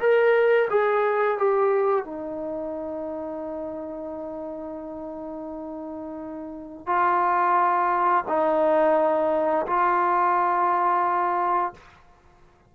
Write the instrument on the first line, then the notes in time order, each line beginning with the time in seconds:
trombone
0.00 A#4
0.70 G#4
1.39 G4
2.05 D#4
6.87 F4
8.28 D#4
9.67 F4